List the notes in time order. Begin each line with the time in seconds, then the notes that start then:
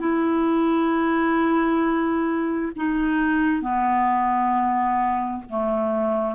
0.00 E4
2.76 D#4
3.62 B3
5.50 A3